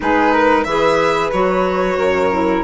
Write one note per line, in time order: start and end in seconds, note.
0.00 0.65 G#3
0.00 0.65 D#4
0.00 0.33 G#4
0.00 0.64 B4
0.33 0.66 A#4
0.64 1.31 E3
0.64 1.33 G#4
0.64 1.98 B4
0.64 1.30 E5
1.32 1.97 F#3
1.32 2.31 F#4
1.32 2.63 C#5
1.97 2.63 F#2
1.97 2.63 A#4
2.31 2.63 E4